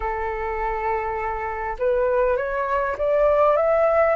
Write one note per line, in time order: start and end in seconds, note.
0.00 1.76 A4
1.78 2.37 B4
2.37 2.96 C#5
2.97 3.56 D5
3.56 4.15 E5